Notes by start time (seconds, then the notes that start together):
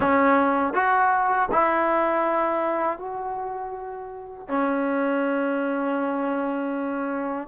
0.00 C#4
0.73 F#4
1.51 E4
2.98 F#4
4.48 C#4